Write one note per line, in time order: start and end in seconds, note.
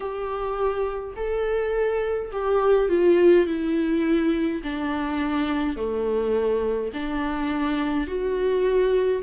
0.00 1.14 G4
1.15 2.31 A4
2.31 2.88 G4
2.88 3.46 F4
3.46 4.62 E4
4.63 5.76 D4
5.76 6.91 A3
6.93 8.07 D4
8.07 9.22 F#4